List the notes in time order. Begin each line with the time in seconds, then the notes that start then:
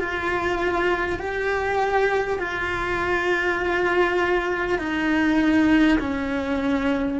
0.00 F4
1.19 G4
2.39 F4
4.79 D#4
5.99 C#4